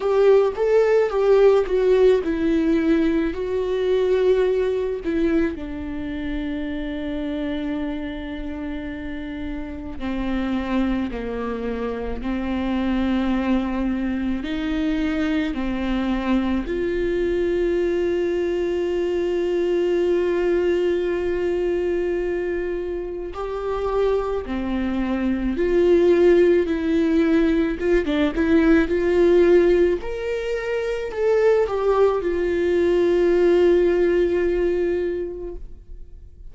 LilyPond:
\new Staff \with { instrumentName = "viola" } { \time 4/4 \tempo 4 = 54 g'8 a'8 g'8 fis'8 e'4 fis'4~ | fis'8 e'8 d'2.~ | d'4 c'4 ais4 c'4~ | c'4 dis'4 c'4 f'4~ |
f'1~ | f'4 g'4 c'4 f'4 | e'4 f'16 d'16 e'8 f'4 ais'4 | a'8 g'8 f'2. | }